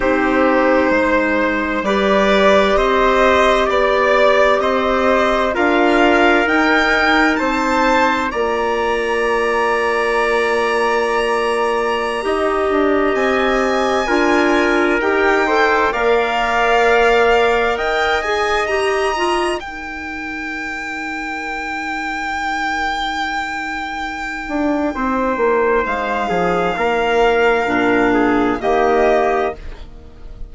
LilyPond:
<<
  \new Staff \with { instrumentName = "violin" } { \time 4/4 \tempo 4 = 65 c''2 d''4 dis''4 | d''4 dis''4 f''4 g''4 | a''4 ais''2.~ | ais''2~ ais''16 gis''4.~ gis''16~ |
gis''16 g''4 f''2 g''8 gis''16~ | gis''16 ais''4 g''2~ g''8.~ | g''1 | f''2. dis''4 | }
  \new Staff \with { instrumentName = "trumpet" } { \time 4/4 g'4 c''4 b'4 c''4 | d''4 c''4 ais'2 | c''4 d''2.~ | d''4~ d''16 dis''2 ais'8.~ |
ais'8. c''8 d''2 dis''8.~ | dis''4~ dis''16 ais'2~ ais'8.~ | ais'2. c''4~ | c''8 gis'8 ais'4. gis'8 g'4 | }
  \new Staff \with { instrumentName = "clarinet" } { \time 4/4 dis'2 g'2~ | g'2 f'4 dis'4~ | dis'4 f'2.~ | f'4~ f'16 g'2 f'8.~ |
f'16 g'8 a'8 ais'2~ ais'8 gis'16~ | gis'16 g'8 f'8 dis'2~ dis'8.~ | dis'1~ | dis'2 d'4 ais4 | }
  \new Staff \with { instrumentName = "bassoon" } { \time 4/4 c'4 gis4 g4 c'4 | b4 c'4 d'4 dis'4 | c'4 ais2.~ | ais4~ ais16 dis'8 d'8 c'4 d'8.~ |
d'16 dis'4 ais2 dis'8.~ | dis'1~ | dis'2~ dis'8 d'8 c'8 ais8 | gis8 f8 ais4 ais,4 dis4 | }
>>